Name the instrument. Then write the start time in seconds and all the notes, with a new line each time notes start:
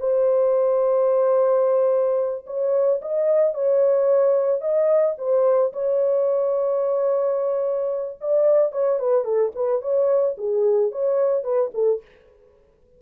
horn
0.00 C5
2.47 C#5
3.02 D#5
3.55 C#5
4.61 D#5
5.18 C5
5.73 C#5
8.21 D5
8.72 C#5
9.00 B4
9.25 A4
9.56 B4
9.82 C#5
10.38 G#4
10.92 C#5
11.44 B4
11.74 A4